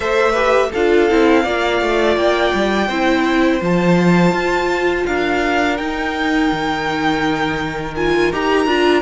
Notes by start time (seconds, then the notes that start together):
0.00 A3 A4 C5 E5
0.32 G4 B4
0.71 D4 F4 A4 F5
1.10 C4 E4
1.43 A#3 F4 D5
1.81 A3
2.16 A#3 G5
2.54 G3
2.87 C4 E4 C5
3.60 F3 F4 A5
4.32 F4
5.06 D4 A#4 F5
5.77 D#4 G5
6.51 D#3
7.96 F4 G#5
8.32 D#4 G4 A#5
8.66 D4 F4